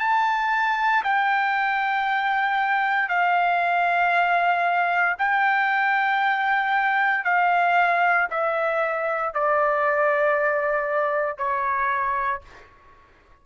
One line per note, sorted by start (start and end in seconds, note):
0.00 1.03 A5
1.04 3.09 G5
3.09 5.16 F5
5.19 7.25 G5
7.25 8.29 F5
8.31 9.34 E5
9.34 11.38 D5
11.38 12.42 C#5